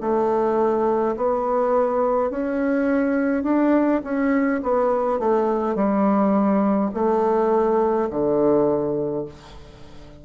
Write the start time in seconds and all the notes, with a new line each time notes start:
0.00 A3
1.16 B3
2.30 C#4
3.43 D4
4.03 C#4
4.63 B3
5.19 A3
5.75 G3
6.94 A3
8.10 D3